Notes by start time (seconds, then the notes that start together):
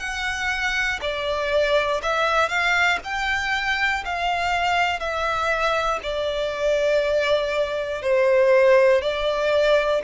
0.00 F#5
1.01 D5
2.03 E5
2.49 F5
3.04 G5
4.05 F5
5.00 E5
6.03 D5
8.03 C5
9.02 D5